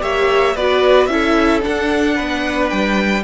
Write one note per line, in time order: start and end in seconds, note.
0.00 0.55 A#3
0.00 0.54 G4
0.00 0.55 C#5
0.00 0.56 E5
0.55 1.08 B3
0.55 1.09 F#4
0.55 1.09 B4
0.55 1.06 D5
1.06 1.62 C#4
1.06 1.62 E4
1.06 2.15 A4
1.06 1.60 E5
1.62 3.24 D4
1.62 2.19 D4
1.62 2.69 F#5
2.15 2.71 B3
2.15 3.23 B4
2.69 3.24 G3
2.69 3.23 G5